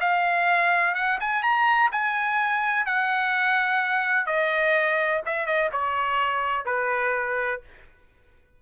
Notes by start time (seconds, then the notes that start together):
0.00 F5
0.94 F#5
1.20 G#5
1.42 A#5
1.92 G#5
2.85 F#5
4.26 D#5
5.26 E5
5.46 D#5
5.72 C#5
6.65 B4